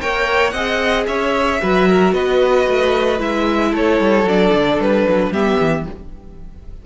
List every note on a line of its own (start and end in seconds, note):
0.00 0.53 A#3
0.00 0.53 A#4
0.00 0.53 C#5
0.00 0.50 G5
0.50 1.06 C4
0.50 1.61 G#4
0.50 1.06 D#5
0.50 1.03 F#5
1.07 1.61 C#4
1.07 1.60 C#5
1.07 2.13 E5
1.61 2.12 F#3
1.61 3.18 F#4
1.61 1.88 B4
1.88 2.14 A#4
2.12 2.66 B3
2.12 3.70 B4
2.12 3.19 D#5
2.67 3.20 A3
3.18 3.73 G#3
3.18 4.24 E4
3.18 3.74 E5
3.70 4.00 A3
3.70 5.30 A4
3.70 4.28 C#5
4.00 4.24 G3
4.24 4.50 F#3
4.24 5.33 D4
4.24 4.81 D5
4.52 4.79 D3
4.80 5.06 G3
4.80 5.33 B4
5.08 5.30 F#3
5.30 5.57 G3
5.30 5.86 B3
5.30 5.85 G4
5.30 5.86 E5
5.59 5.86 E3